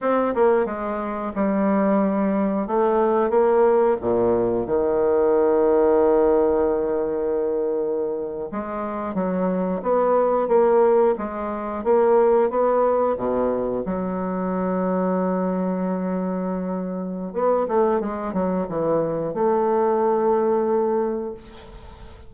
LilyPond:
\new Staff \with { instrumentName = "bassoon" } { \time 4/4 \tempo 4 = 90 c'8 ais8 gis4 g2 | a4 ais4 ais,4 dis4~ | dis1~ | dis8. gis4 fis4 b4 ais16~ |
ais8. gis4 ais4 b4 b,16~ | b,8. fis2.~ fis16~ | fis2 b8 a8 gis8 fis8 | e4 a2. | }